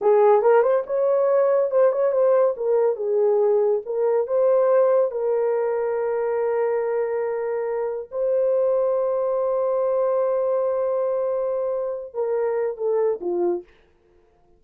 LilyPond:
\new Staff \with { instrumentName = "horn" } { \time 4/4 \tempo 4 = 141 gis'4 ais'8 c''8 cis''2 | c''8 cis''8 c''4 ais'4 gis'4~ | gis'4 ais'4 c''2 | ais'1~ |
ais'2. c''4~ | c''1~ | c''1~ | c''8 ais'4. a'4 f'4 | }